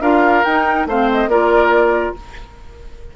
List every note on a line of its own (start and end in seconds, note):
0.00 0.43 D4
0.00 0.44 F4
0.00 0.87 A#4
0.00 0.44 F5
0.44 0.86 D#4
0.44 0.88 D#4
0.44 0.87 G5
0.86 1.27 A3
0.86 1.30 C4
0.86 1.29 C5
0.86 1.11 F5
1.12 1.29 D#5
1.27 2.13 A#3
1.27 2.16 F4
1.27 2.15 A#4
1.27 2.15 D5